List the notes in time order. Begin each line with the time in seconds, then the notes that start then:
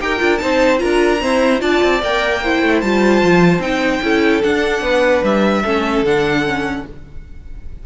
0.00 D#4 G4 A#4 G5
0.19 D4 F4
0.37 C4 D#4 C5 A5
0.78 D4 F4 A#4 A#5
1.21 C4 E4 C5
1.59 D4 F4 D5 A5
1.83 C4
2.02 A#3 A#4 G5
2.42 E4 C5
2.62 A3
2.81 G3 F4 A5
3.23 F3
3.59 C4 D#4 G5
4.02 C#4 E4 A4
4.42 D4 F#5
4.81 B3 B4
5.23 G3 E5
5.62 A3 C#4 A4
6.02 D3 D4 F#5
6.45 C#4